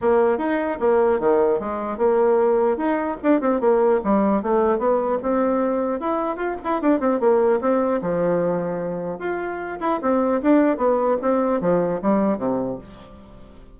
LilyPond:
\new Staff \with { instrumentName = "bassoon" } { \time 4/4 \tempo 4 = 150 ais4 dis'4 ais4 dis4 | gis4 ais2 dis'4 | d'8 c'8 ais4 g4 a4 | b4 c'2 e'4 |
f'8 e'8 d'8 c'8 ais4 c'4 | f2. f'4~ | f'8 e'8 c'4 d'4 b4 | c'4 f4 g4 c4 | }